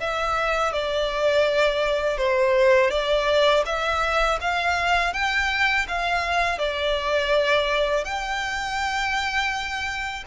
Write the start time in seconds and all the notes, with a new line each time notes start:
0.00 E5
0.73 D5
2.18 C5
2.90 D5
3.66 E5
4.41 F5
5.13 G5
5.88 F5
6.58 D5
8.05 G5